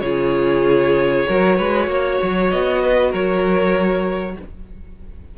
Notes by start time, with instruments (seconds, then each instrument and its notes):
0.00 cello C#3, viola F4, violin G#4 C#5
1.28 cello F#3, viola F#4, violin A#4
1.56 cello G#3, violin B4
1.87 cello A#3, violin C#5
2.22 cello F#3
2.50 cello B3, violin D#5
2.82 violin B4
3.10 cello F#3, violin A#4 C#5